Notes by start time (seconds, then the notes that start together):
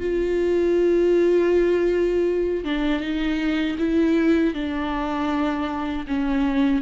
0.00 F4
2.64 D4
3.01 D#4
3.78 E4
4.54 D4
6.07 C#4